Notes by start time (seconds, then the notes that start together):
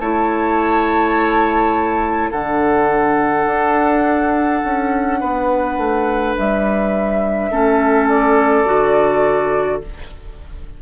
0.00 A3 E4 C#5 A5
2.31 D3 D4 A4 F#5
3.46 D4
4.64 C#4
5.20 B3 B4
5.78 A3
6.38 G3 E5
7.51 A3 C#4 A4
8.08 D5
8.66 D3 F#4